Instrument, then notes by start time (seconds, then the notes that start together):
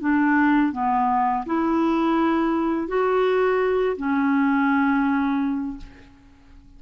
clarinet
0.00 D4
0.72 B3
1.46 E4
2.88 F#4
3.97 C#4